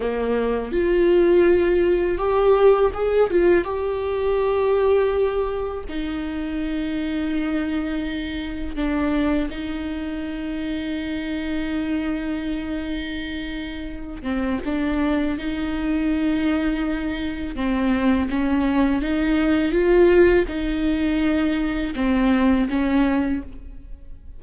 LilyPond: \new Staff \with { instrumentName = "viola" } { \time 4/4 \tempo 4 = 82 ais4 f'2 g'4 | gis'8 f'8 g'2. | dis'1 | d'4 dis'2.~ |
dis'2.~ dis'8 c'8 | d'4 dis'2. | c'4 cis'4 dis'4 f'4 | dis'2 c'4 cis'4 | }